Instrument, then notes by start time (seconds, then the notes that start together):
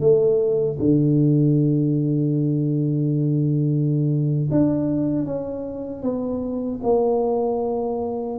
tuba
0.00 A3
0.79 D3
4.51 D4
5.25 C#4
6.02 B3
6.83 A#3